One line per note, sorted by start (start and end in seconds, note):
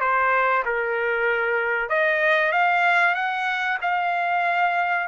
0.00 0.63 C5
0.65 1.89 A#4
1.89 2.52 D#5
2.52 3.15 F5
3.15 3.78 F#5
3.81 5.07 F5